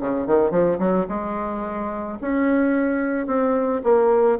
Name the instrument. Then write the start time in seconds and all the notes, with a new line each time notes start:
bassoon
0.00 C#3
0.27 D#3
0.51 F3
0.79 F#3
1.08 G#3
2.21 C#4
3.27 C4
3.84 A#3